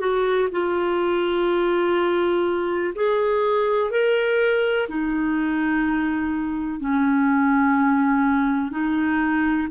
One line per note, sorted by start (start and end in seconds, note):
0.00 0.48 F#4
0.51 2.93 F4
2.95 3.91 G#4
3.91 4.87 A#4
4.89 6.80 D#4
6.80 8.71 C#4
8.71 9.68 D#4